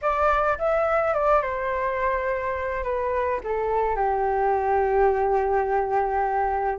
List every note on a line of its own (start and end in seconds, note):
0.01 0.58 D5
0.58 1.14 E5
1.14 1.42 D5
1.42 2.83 C5
2.83 3.40 B4
3.43 3.96 A4
3.96 6.78 G4